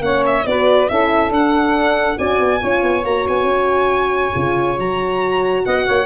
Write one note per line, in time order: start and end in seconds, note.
0.00 0.43 A#3
0.00 0.46 C#4
0.00 0.46 C#5
0.00 0.24 F#5
0.26 0.46 E5
0.46 0.89 B3
0.46 0.89 F#4
0.46 0.90 B4
0.46 0.89 D5
0.89 1.30 C#4
0.89 1.32 E4
0.89 2.17 A4
0.89 1.32 E5
1.30 2.16 D4
1.30 2.17 D4
1.30 2.18 F#5
2.17 2.39 C#4
2.17 2.60 F#4
2.17 2.60 D5
2.17 3.04 G#5
2.39 2.61 B3
2.60 2.83 C#4
2.60 3.04 F4
2.60 5.63 C#5
2.83 3.04 B3
3.04 3.26 A#3
3.04 4.33 F#4
3.04 3.26 A#5
3.28 3.43 B3
3.28 4.79 G#5
3.43 4.29 C#4
4.33 4.78 C#3
4.33 4.76 F4
4.76 5.65 F#3
4.76 6.06 F#4
4.76 5.65 A#5
5.65 5.87 B3
5.65 5.86 D#5
5.65 6.06 F#5
5.86 6.06 A#3
5.86 6.06 C#5